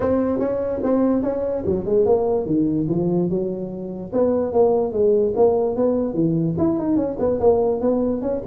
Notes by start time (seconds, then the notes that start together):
0.00 C4
0.39 C#4
0.83 C4
1.22 C#4
1.66 F#3
1.85 G#3
2.05 A#3
2.46 D#3
2.88 F3
3.29 F#3
4.12 B3
4.53 A#3
4.92 G#3
5.36 A#3
5.76 B3
6.14 E3
6.58 E4
6.78 D#4
6.96 C#4
7.19 B3
7.40 A#3
7.80 B3
8.21 C#4